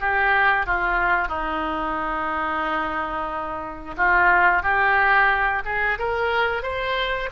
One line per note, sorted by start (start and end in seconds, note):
0.00 0.66 G4
0.66 1.28 F4
1.28 3.95 D#4
3.97 4.63 F4
4.63 5.63 G4
5.65 5.98 G#4
5.98 6.62 A#4
6.62 7.29 C5